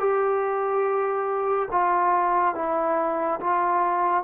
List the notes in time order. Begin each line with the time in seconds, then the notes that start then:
0.00 G4
1.72 F4
2.55 E4
3.40 F4